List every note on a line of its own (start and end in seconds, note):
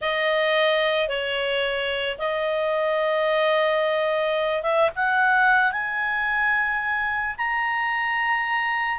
0.01 1.08 D#5
1.08 2.17 C#5
2.18 4.62 D#5
4.62 4.90 E5
4.95 5.72 F#5
5.72 7.35 G#5
7.37 8.99 A#5